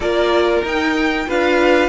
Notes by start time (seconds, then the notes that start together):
0.00 A#3 F4 A#4 D5
0.63 D#4 G5
1.27 D4 F4 B4 F5